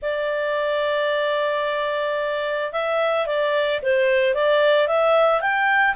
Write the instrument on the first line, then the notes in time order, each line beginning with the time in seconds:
clarinet
0.01 D5
2.72 E5
3.26 D5
3.82 C5
4.34 D5
4.87 E5
5.41 G5